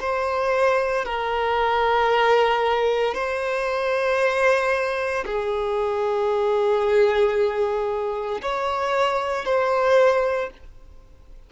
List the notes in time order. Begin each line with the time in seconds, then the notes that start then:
0.00 C5
1.05 A#4
3.14 C5
5.25 G#4
8.42 C#5
9.45 C5